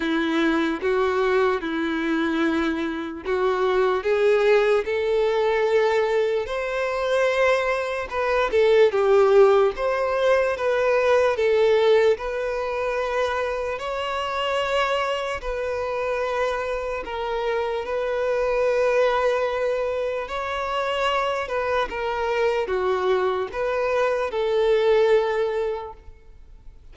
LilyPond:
\new Staff \with { instrumentName = "violin" } { \time 4/4 \tempo 4 = 74 e'4 fis'4 e'2 | fis'4 gis'4 a'2 | c''2 b'8 a'8 g'4 | c''4 b'4 a'4 b'4~ |
b'4 cis''2 b'4~ | b'4 ais'4 b'2~ | b'4 cis''4. b'8 ais'4 | fis'4 b'4 a'2 | }